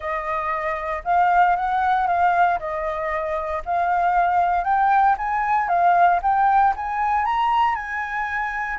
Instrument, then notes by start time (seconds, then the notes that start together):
flute
0.00 D#5
1.04 F5
1.55 F#5
2.07 F5
2.59 D#5
3.65 F5
4.64 G5
5.17 G#5
5.68 F5
6.22 G5
6.76 G#5
7.25 A#5
7.75 G#5